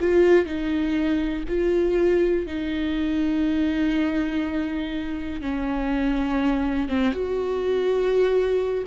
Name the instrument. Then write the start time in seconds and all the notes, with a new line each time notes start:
viola
0.00 F4
0.46 D#4
1.48 F4
2.46 D#4
5.41 C#4
6.89 C4
7.12 F#4